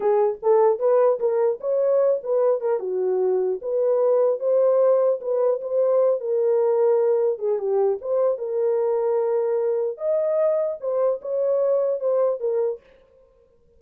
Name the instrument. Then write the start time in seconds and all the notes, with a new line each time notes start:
horn
0.00 G#4
0.42 A4
0.79 B4
1.19 A#4
1.60 C#5
2.23 B4
2.60 A#4
2.79 F#4
3.61 B4
4.39 C5
5.21 B4
5.61 C5
6.20 A#4
7.38 G#4
7.59 G4
8.01 C5
8.37 A#4
9.97 D#5
10.80 C5
11.21 C#5
12.00 C5
12.40 A#4